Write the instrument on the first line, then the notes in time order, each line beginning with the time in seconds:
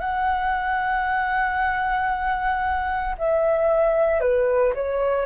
flute
0.00 F#5
3.18 E5
4.21 B4
4.75 C#5